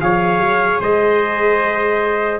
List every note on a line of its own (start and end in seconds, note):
0.00 0.38 F3
0.00 2.39 G#4
0.00 0.80 C#5
0.00 0.80 F5
0.38 0.78 F#3
0.80 2.39 G#3
0.80 2.39 C5
0.80 2.39 D#5